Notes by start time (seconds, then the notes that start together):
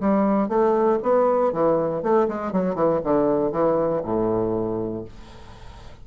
0.00 G3
0.48 A3
1.02 B3
1.52 E3
2.02 A3
2.28 G#3
2.52 F#3
2.75 E3
3.03 D3
3.52 E3
4.03 A2